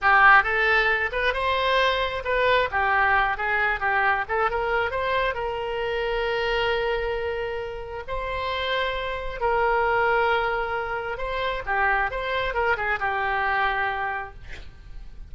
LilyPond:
\new Staff \with { instrumentName = "oboe" } { \time 4/4 \tempo 4 = 134 g'4 a'4. b'8 c''4~ | c''4 b'4 g'4. gis'8~ | gis'8 g'4 a'8 ais'4 c''4 | ais'1~ |
ais'2 c''2~ | c''4 ais'2.~ | ais'4 c''4 g'4 c''4 | ais'8 gis'8 g'2. | }